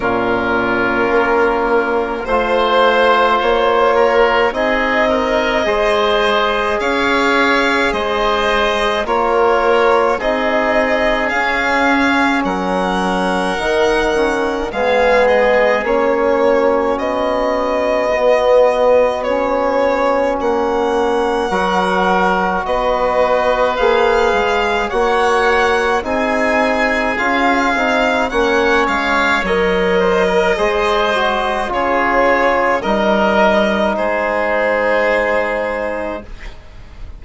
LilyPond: <<
  \new Staff \with { instrumentName = "violin" } { \time 4/4 \tempo 4 = 53 ais'2 c''4 cis''4 | dis''2 f''4 dis''4 | cis''4 dis''4 f''4 fis''4~ | fis''4 f''8 dis''8 cis''4 dis''4~ |
dis''4 cis''4 fis''2 | dis''4 f''4 fis''4 gis''4 | f''4 fis''8 f''8 dis''2 | cis''4 dis''4 c''2 | }
  \new Staff \with { instrumentName = "oboe" } { \time 4/4 f'2 c''4. ais'8 | gis'8 ais'8 c''4 cis''4 c''4 | ais'4 gis'2 ais'4~ | ais'4 gis'4. fis'4.~ |
fis'2. ais'4 | b'2 cis''4 gis'4~ | gis'4 cis''4. c''16 ais'16 c''4 | gis'4 ais'4 gis'2 | }
  \new Staff \with { instrumentName = "trombone" } { \time 4/4 cis'2 f'2 | dis'4 gis'2. | f'4 dis'4 cis'2 | dis'8 cis'8 b4 cis'2 |
b4 cis'2 fis'4~ | fis'4 gis'4 fis'4 dis'4 | f'8 dis'8 cis'4 ais'4 gis'8 fis'8 | f'4 dis'2. | }
  \new Staff \with { instrumentName = "bassoon" } { \time 4/4 ais,4 ais4 a4 ais4 | c'4 gis4 cis'4 gis4 | ais4 c'4 cis'4 fis4 | dis4 gis4 ais4 b4~ |
b2 ais4 fis4 | b4 ais8 gis8 ais4 c'4 | cis'8 c'8 ais8 gis8 fis4 gis4 | cis4 g4 gis2 | }
>>